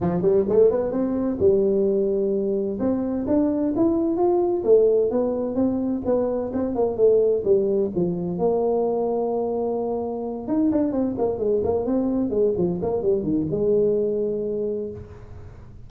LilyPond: \new Staff \with { instrumentName = "tuba" } { \time 4/4 \tempo 4 = 129 f8 g8 a8 b8 c'4 g4~ | g2 c'4 d'4 | e'4 f'4 a4 b4 | c'4 b4 c'8 ais8 a4 |
g4 f4 ais2~ | ais2~ ais8 dis'8 d'8 c'8 | ais8 gis8 ais8 c'4 gis8 f8 ais8 | g8 dis8 gis2. | }